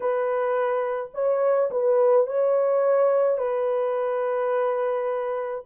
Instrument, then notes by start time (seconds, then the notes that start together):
horn
0.00 B4
1.13 C#5
1.70 B4
2.26 C#5
3.38 B4